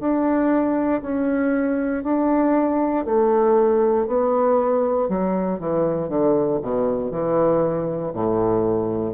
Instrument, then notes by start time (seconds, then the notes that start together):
bassoon
0.00 D4
1.02 C#4
2.03 D4
3.06 A3
4.07 B3
5.09 F#3
5.60 E3
6.09 D3
6.62 B2
7.11 E3
8.14 A2